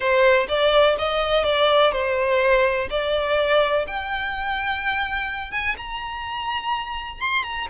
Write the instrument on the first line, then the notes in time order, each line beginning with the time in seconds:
violin
0.00 C5
0.48 D5
0.98 D#5
1.44 D5
1.92 C5
2.90 D5
3.87 G5
5.51 G#5
5.77 A#5
7.20 C6
7.43 A#5